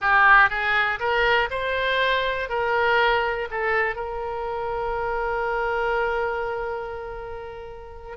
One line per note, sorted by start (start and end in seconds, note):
0.01 0.49 G4
0.49 0.99 G#4
0.99 1.49 A#4
1.50 2.49 C5
2.49 3.48 A#4
3.50 3.95 A4
3.95 8.17 A#4